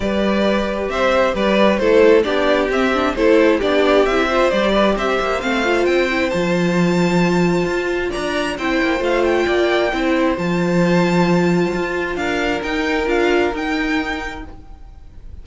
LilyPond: <<
  \new Staff \with { instrumentName = "violin" } { \time 4/4 \tempo 4 = 133 d''2 e''4 d''4 | c''4 d''4 e''4 c''4 | d''4 e''4 d''4 e''4 | f''4 g''4 a''2~ |
a''2 ais''4 g''4 | f''8 g''2~ g''8 a''4~ | a''2. f''4 | g''4 f''4 g''2 | }
  \new Staff \with { instrumentName = "violin" } { \time 4/4 b'2 c''4 b'4 | a'4 g'2 a'4 | g'4. c''4 b'8 c''4~ | c''1~ |
c''2 d''4 c''4~ | c''4 d''4 c''2~ | c''2. ais'4~ | ais'1 | }
  \new Staff \with { instrumentName = "viola" } { \time 4/4 g'1 | e'4 d'4 c'8 d'8 e'4 | d'4 e'8 f'8 g'2 | c'8 f'4 e'8 f'2~ |
f'2. e'4 | f'2 e'4 f'4~ | f'1 | dis'4 f'4 dis'2 | }
  \new Staff \with { instrumentName = "cello" } { \time 4/4 g2 c'4 g4 | a4 b4 c'4 a4 | b4 c'4 g4 c'8 ais8 | a4 c'4 f2~ |
f4 f'4 d'4 c'8 ais8 | a4 ais4 c'4 f4~ | f2 f'4 d'4 | dis'4 d'4 dis'2 | }
>>